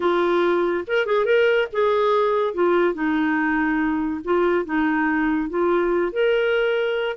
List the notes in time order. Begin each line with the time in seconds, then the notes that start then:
0.00 F4
0.87 A#4
1.05 G#4
1.25 A#4
1.72 G#4
2.54 F4
2.94 D#4
4.24 F4
4.65 D#4
5.49 F4
6.12 A#4